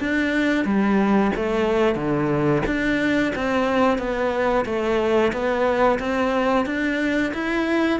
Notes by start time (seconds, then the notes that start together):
0.00 D4
0.65 G3
1.36 A3
1.95 D3
2.66 D4
3.35 C4
3.98 B3
4.65 A3
5.32 B3
5.99 C4
6.66 D4
7.34 E4